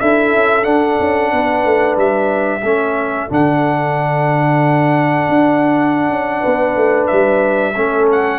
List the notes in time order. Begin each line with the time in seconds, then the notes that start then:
0.00 D4 E4 A4 E5
0.33 C#4
0.62 D4 F#5
0.99 C#4
1.33 B3 B4
1.65 A3
1.97 G3 E5
2.62 A3 C#4 A4
3.29 D3 D4 F#5
5.29 D4
6.09 C#4
6.40 B3 B4
6.76 A3
7.07 G3 E5
7.75 A3 C#4 A4
8.11 F#5